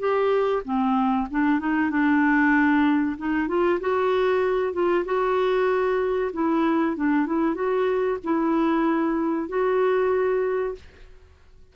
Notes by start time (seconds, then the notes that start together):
0.00 G4
0.65 C4
1.31 D4
1.60 D#4
1.91 D4
3.18 D#4
3.48 F4
3.81 F#4
4.73 F4
5.05 F#4
6.33 E4
6.97 D4
7.27 E4
7.55 F#4
8.24 E4
9.49 F#4